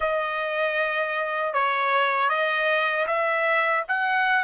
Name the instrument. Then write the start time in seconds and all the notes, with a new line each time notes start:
trumpet
0.00 D#5
1.53 C#5
2.29 D#5
3.06 E5
3.87 F#5